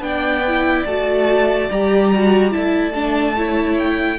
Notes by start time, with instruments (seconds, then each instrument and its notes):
0.00 cello B3, viola D4, violin D5 G5
0.48 viola E4
0.86 cello A3, viola F#4, violin A5
1.70 cello G3, viola G4, violin A#5
2.14 viola F#4
2.51 cello A3, viola E4, violin A5
2.94 viola D4
3.37 viola E4, violin C#5
3.78 violin G5